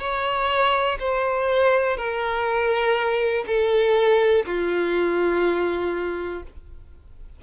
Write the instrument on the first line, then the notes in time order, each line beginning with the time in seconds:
violin
0.00 C#5
1.00 C5
1.97 A#4
3.47 A4
4.46 F4